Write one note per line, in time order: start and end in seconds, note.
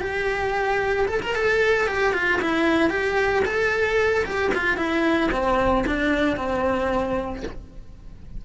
0.00 1.06 G4
1.07 1.21 A4
1.22 1.35 A#4
1.35 1.88 A4
1.88 2.14 G4
2.14 2.40 F4
2.42 2.90 E4
2.90 3.43 G4
3.45 4.25 A4
4.25 4.52 G4
4.54 4.77 F4
4.77 5.30 E4
5.31 5.85 C4
5.86 6.37 D4
6.37 7.43 C4